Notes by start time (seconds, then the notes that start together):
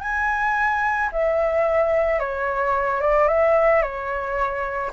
0.00 G#5
1.12 E5
2.19 C#5
3.00 D5
3.28 E5
3.82 C#5